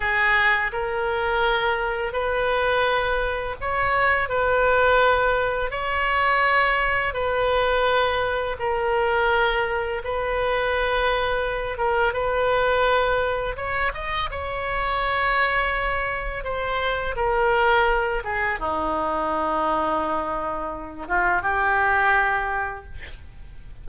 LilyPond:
\new Staff \with { instrumentName = "oboe" } { \time 4/4 \tempo 4 = 84 gis'4 ais'2 b'4~ | b'4 cis''4 b'2 | cis''2 b'2 | ais'2 b'2~ |
b'8 ais'8 b'2 cis''8 dis''8 | cis''2. c''4 | ais'4. gis'8 dis'2~ | dis'4. f'8 g'2 | }